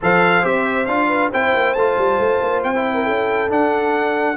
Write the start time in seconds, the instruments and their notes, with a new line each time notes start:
0.01 tuba F3, trombone A4, horn C5, trumpet F5
0.42 tuba C4, trombone G4, trumpet E5
0.86 tuba D4, trombone F4, trumpet F5
1.07 horn B4
1.31 tuba C4, trombone E4, horn C5, trumpet G5
1.54 tuba A#3
1.73 tuba A3, trombone F4, trumpet A5
1.97 tuba G3
2.19 tuba A3
2.41 tuba A#3
2.63 tuba C4, trumpet G5
2.74 trombone E4
2.94 horn A#4
3.04 tuba C#4, horn A4
3.48 trombone D4, tuba D4, trumpet F#5